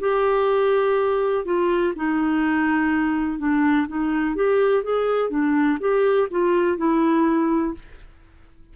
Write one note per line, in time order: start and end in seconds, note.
0.00 1.45 G4
1.45 1.94 F4
1.96 3.39 D#4
3.39 3.87 D4
3.88 4.35 D#4
4.35 4.83 G4
4.83 5.30 G#4
5.30 5.78 D4
5.80 6.28 G4
6.31 6.77 F4
6.77 7.74 E4